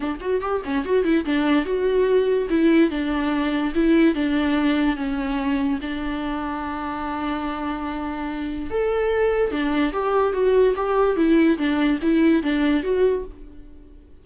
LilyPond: \new Staff \with { instrumentName = "viola" } { \time 4/4 \tempo 4 = 145 d'8 fis'8 g'8 cis'8 fis'8 e'8 d'4 | fis'2 e'4 d'4~ | d'4 e'4 d'2 | cis'2 d'2~ |
d'1~ | d'4 a'2 d'4 | g'4 fis'4 g'4 e'4 | d'4 e'4 d'4 fis'4 | }